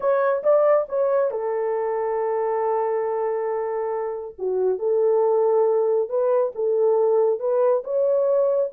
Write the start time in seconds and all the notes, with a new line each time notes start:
0.00 C#5
0.43 D5
0.88 C#5
1.30 A4
4.38 F#4
4.78 A4
6.09 B4
6.55 A4
7.39 B4
7.84 C#5